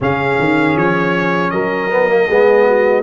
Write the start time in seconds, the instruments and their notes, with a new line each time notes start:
0.00 tuba C#3, trombone C#4, horn G#4, trumpet F5
0.39 tuba D#3
0.76 tuba F3, trumpet C#5
1.50 tuba F#3, horn A#4, trumpet D#5
1.90 trombone B3
2.08 trombone A#3
2.27 tuba G#3, trombone B3, horn G#4
2.65 horn F#4